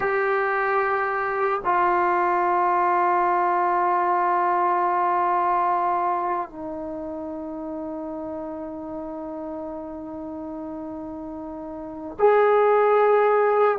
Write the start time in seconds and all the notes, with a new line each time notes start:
0.00 G4
1.64 F4
6.49 D#4
12.18 G#4